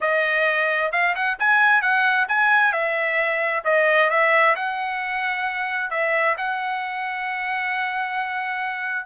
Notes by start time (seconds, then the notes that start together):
0.01 D#5
0.92 F5
1.15 F#5
1.39 G#5
1.81 F#5
2.28 G#5
2.72 E5
3.64 D#5
4.10 E5
4.55 F#5
5.90 E5
6.37 F#5